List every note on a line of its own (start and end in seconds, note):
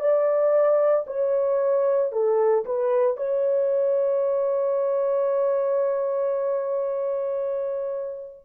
0.00 1.05 D5
1.06 2.11 C#5
2.12 2.65 A4
2.65 3.17 B4
3.17 8.43 C#5